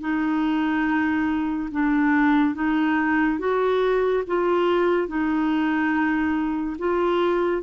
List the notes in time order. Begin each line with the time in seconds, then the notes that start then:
0.00 D#4
1.71 D4
2.54 D#4
3.39 F#4
4.27 F4
5.07 D#4
6.78 F4